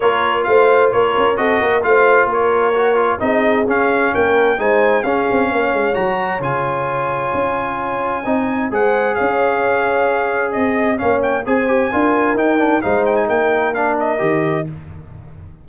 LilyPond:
<<
  \new Staff \with { instrumentName = "trumpet" } { \time 4/4 \tempo 4 = 131 cis''4 f''4 cis''4 dis''4 | f''4 cis''2 dis''4 | f''4 g''4 gis''4 f''4~ | f''4 ais''4 gis''2~ |
gis''2. fis''4 | f''2. dis''4 | f''8 g''8 gis''2 g''4 | f''8 g''16 gis''16 g''4 f''8 dis''4. | }
  \new Staff \with { instrumentName = "horn" } { \time 4/4 ais'4 c''4 ais'4 a'8 ais'8 | c''4 ais'2 gis'4~ | gis'4 ais'4 c''4 gis'4 | cis''1~ |
cis''2 dis''4 c''4 | cis''2. dis''4 | cis''4 c''4 ais'2 | c''4 ais'2. | }
  \new Staff \with { instrumentName = "trombone" } { \time 4/4 f'2. fis'4 | f'2 fis'8 f'8 dis'4 | cis'2 dis'4 cis'4~ | cis'4 fis'4 f'2~ |
f'2 dis'4 gis'4~ | gis'1 | cis'4 gis'8 g'8 f'4 dis'8 d'8 | dis'2 d'4 g'4 | }
  \new Staff \with { instrumentName = "tuba" } { \time 4/4 ais4 a4 ais8 cis'8 c'8 ais8 | a4 ais2 c'4 | cis'4 ais4 gis4 cis'8 c'8 | ais8 gis8 fis4 cis2 |
cis'2 c'4 gis4 | cis'2. c'4 | ais4 c'4 d'4 dis'4 | gis4 ais2 dis4 | }
>>